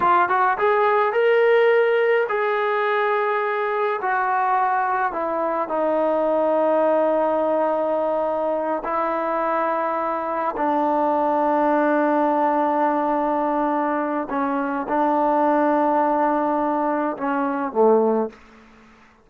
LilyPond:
\new Staff \with { instrumentName = "trombone" } { \time 4/4 \tempo 4 = 105 f'8 fis'8 gis'4 ais'2 | gis'2. fis'4~ | fis'4 e'4 dis'2~ | dis'2.~ dis'8 e'8~ |
e'2~ e'8 d'4.~ | d'1~ | d'4 cis'4 d'2~ | d'2 cis'4 a4 | }